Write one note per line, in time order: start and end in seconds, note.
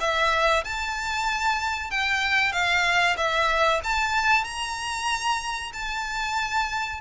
0.00 0.64 E5
0.64 1.90 A5
1.90 2.52 G5
2.52 3.16 F5
3.17 3.81 E5
3.84 4.44 A5
4.44 5.72 A#5
5.73 7.00 A5